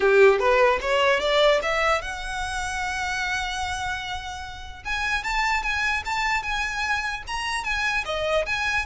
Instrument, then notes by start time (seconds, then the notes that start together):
violin
0.00 G4
0.39 B4
0.81 C#5
1.20 D5
1.62 E5
2.01 F#5
4.84 G#5
5.23 A5
5.62 G#5
6.05 A5
6.42 G#5
7.27 A#5
7.64 G#5
8.05 D#5
8.46 G#5